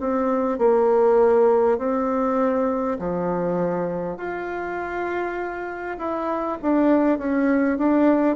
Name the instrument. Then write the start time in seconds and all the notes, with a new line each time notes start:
bassoon
0.00 C4
0.58 A#3
1.78 C4
2.98 F3
4.17 F4
5.98 E4
6.62 D4
7.18 C#4
7.78 D4